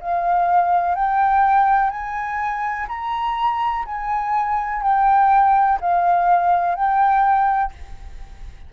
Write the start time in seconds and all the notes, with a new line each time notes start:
0.00 F5
0.95 G5
1.90 G#5
2.88 A#5
3.85 G#5
4.82 G5
5.81 F5
6.75 G5